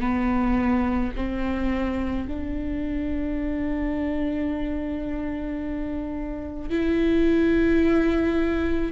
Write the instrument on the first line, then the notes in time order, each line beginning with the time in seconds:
viola
0.00 B3
1.16 C4
2.27 D4
6.70 E4